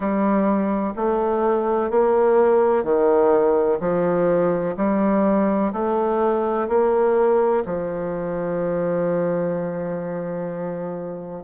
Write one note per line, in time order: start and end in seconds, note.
0.00 0.94 G3
0.96 1.90 A3
1.90 2.83 A#3
2.83 3.78 D#3
3.80 4.75 F3
4.77 5.72 G3
5.72 6.68 A3
6.68 7.63 A#3
7.65 11.43 F3